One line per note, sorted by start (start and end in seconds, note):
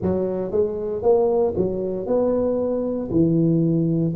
0.01 0.51 F#3
0.51 1.02 G#3
1.02 1.54 A#3
1.56 2.06 F#3
2.06 3.09 B3
3.10 4.14 E3